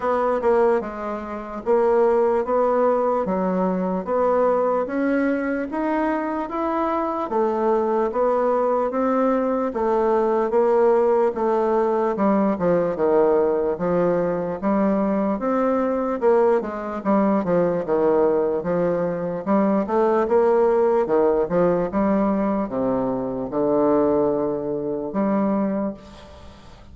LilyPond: \new Staff \with { instrumentName = "bassoon" } { \time 4/4 \tempo 4 = 74 b8 ais8 gis4 ais4 b4 | fis4 b4 cis'4 dis'4 | e'4 a4 b4 c'4 | a4 ais4 a4 g8 f8 |
dis4 f4 g4 c'4 | ais8 gis8 g8 f8 dis4 f4 | g8 a8 ais4 dis8 f8 g4 | c4 d2 g4 | }